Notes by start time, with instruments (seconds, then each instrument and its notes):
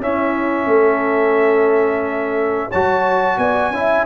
0.00 tuba C#4, trombone C#4, horn E4, trumpet E5
0.66 tuba A3, horn A4
2.69 tuba F#3, trombone F#4, horn C#5, trumpet A5
3.37 tuba B3, horn D5, trumpet G#5
3.70 tuba C#4, trombone E4, horn E5